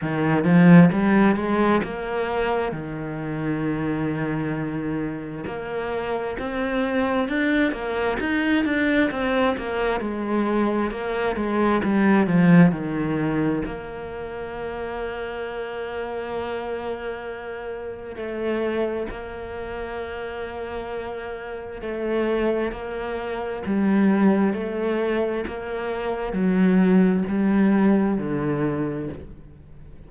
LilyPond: \new Staff \with { instrumentName = "cello" } { \time 4/4 \tempo 4 = 66 dis8 f8 g8 gis8 ais4 dis4~ | dis2 ais4 c'4 | d'8 ais8 dis'8 d'8 c'8 ais8 gis4 | ais8 gis8 g8 f8 dis4 ais4~ |
ais1 | a4 ais2. | a4 ais4 g4 a4 | ais4 fis4 g4 d4 | }